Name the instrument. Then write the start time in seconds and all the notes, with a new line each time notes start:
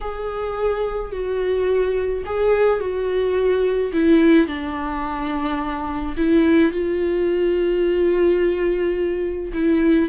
viola
0.01 G#4
1.12 F#4
2.25 G#4
2.80 F#4
3.93 E4
4.47 D4
6.17 E4
6.72 F4
9.53 E4